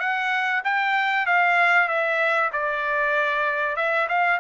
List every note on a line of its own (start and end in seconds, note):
0.00 0.62 F#5
0.64 1.26 G5
1.26 1.88 F5
1.88 2.51 E5
2.53 3.76 D5
3.76 4.07 E5
4.09 4.40 F5